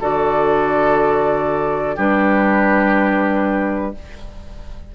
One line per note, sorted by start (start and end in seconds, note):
0.00 1.97 D3
0.00 1.97 F#4
0.00 1.95 A4
0.00 1.98 D5
1.95 3.94 G3
1.95 3.94 D4
1.95 3.92 G4
1.95 3.95 B4